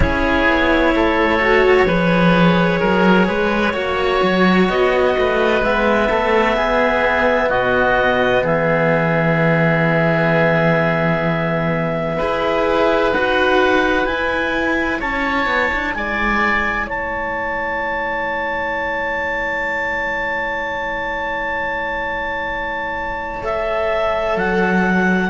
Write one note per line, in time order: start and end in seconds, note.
0.00 0.46 C#4
0.00 1.39 E4
0.00 0.95 G#4
0.00 4.69 C#5
0.47 0.94 B3
0.95 1.85 A3
0.95 1.87 A4
1.40 1.87 F#4
1.85 2.79 F3
1.85 3.73 G#4
1.85 2.79 B4
2.79 3.28 F#3
2.79 3.26 A#4
3.27 3.73 G#3
3.27 3.73 B4
3.73 4.20 A#3
3.73 5.61 F#4
3.73 5.13 C#5
4.22 4.69 F#3
4.69 5.16 B3
4.69 5.63 D#5
5.18 5.61 A3
5.18 6.10 B4
5.61 6.08 G#3
5.61 12.20 B3
5.61 7.49 E5
6.10 6.56 A3
6.10 6.56 A4
6.56 7.49 B3
6.56 7.49 G#4
7.49 8.43 B2
7.49 8.43 F#4
7.49 8.43 D#5
8.43 12.18 E3
8.43 12.17 G#4
8.43 13.12 E5
12.17 13.12 E4
12.17 13.13 G#4
12.17 14.98 B4
13.12 14.05 D#4
13.12 14.04 F#4
13.12 14.05 F#5
14.04 23.42 E4
14.04 15.01 E4
14.04 14.99 G#5
14.99 15.46 C#4
14.99 15.93 C#5
14.99 15.94 A5
15.46 15.69 B3
15.73 15.95 D4
15.94 16.87 G#3
15.94 16.86 D5
15.94 16.88 G#5
16.86 24.36 A3
16.86 25.30 C#5
16.86 23.44 A5
23.42 25.30 A4
23.42 24.38 E5
24.36 25.30 F#3
24.36 25.30 F#5